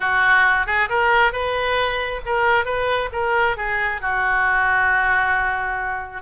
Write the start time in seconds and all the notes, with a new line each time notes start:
0.00 F#4
0.66 G#4
0.89 A#4
1.32 B4
2.25 A#4
2.65 B4
3.12 A#4
3.56 G#4
4.01 F#4